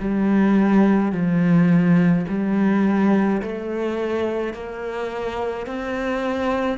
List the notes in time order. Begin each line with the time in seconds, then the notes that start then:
0.00 G3
1.12 F3
2.28 G3
3.42 A3
4.54 A#3
5.67 C4